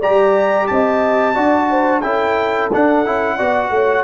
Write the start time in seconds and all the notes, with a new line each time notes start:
0.00 G3 G4 D5 A#5
0.67 C4 D#5 A5
1.35 D4 F#4 D5
1.70 C5
2.01 C#4 E4 A4 G5
2.72 D4 F#5
3.05 C#4 E4
3.36 B3 F#4 D5
3.70 A3 C#5